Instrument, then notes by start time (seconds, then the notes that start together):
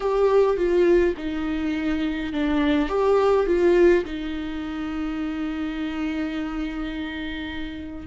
viola
0.00 G4
0.56 F4
1.17 D#4
2.32 D4
2.88 G4
3.46 F4
4.04 D#4